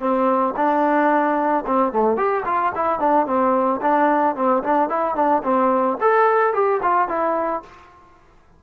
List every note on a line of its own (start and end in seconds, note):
0.00 0.54 C4
0.57 1.65 D4
1.67 1.93 C4
1.93 2.17 A3
2.17 2.44 G4
2.45 2.72 F4
2.75 3.00 E4
3.00 3.27 D4
3.27 3.81 C4
3.82 4.36 D4
4.36 4.63 C4
4.63 4.89 D4
4.89 5.15 E4
5.15 5.43 D4
5.43 5.98 C4
6.01 6.54 A4
6.54 6.81 G4
6.83 7.08 F4
7.08 7.62 E4